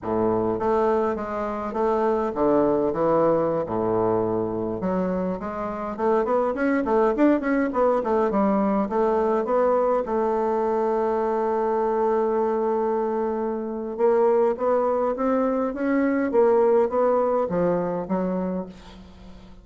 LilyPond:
\new Staff \with { instrumentName = "bassoon" } { \time 4/4 \tempo 4 = 103 a,4 a4 gis4 a4 | d4 e4~ e16 a,4.~ a,16~ | a,16 fis4 gis4 a8 b8 cis'8 a16~ | a16 d'8 cis'8 b8 a8 g4 a8.~ |
a16 b4 a2~ a8.~ | a1 | ais4 b4 c'4 cis'4 | ais4 b4 f4 fis4 | }